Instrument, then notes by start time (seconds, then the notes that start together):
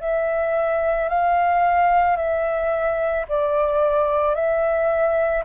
flute
0.00 E5
1.09 F5
2.16 E5
3.28 D5
4.34 E5